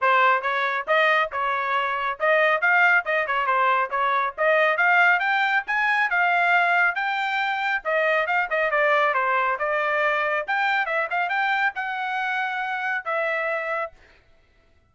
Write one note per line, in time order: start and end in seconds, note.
0.01 0.42 C5
0.42 0.85 C#5
0.87 1.30 D#5
1.32 2.19 C#5
2.19 2.61 D#5
2.61 3.04 F5
3.05 3.26 D#5
3.26 3.46 C#5
3.46 3.90 C5
3.90 4.33 C#5
4.37 4.77 D#5
4.77 5.19 F5
5.19 5.63 G5
5.66 6.09 G#5
6.09 6.95 F5
6.95 7.82 G5
7.84 8.26 D#5
8.26 8.48 F5
8.50 8.71 D#5
8.71 9.14 D5
9.14 9.57 C5
9.58 10.45 D5
10.47 10.86 G5
10.86 11.08 E5
11.10 11.29 F5
11.29 11.73 G5
11.75 13.05 F#5
13.05 13.92 E5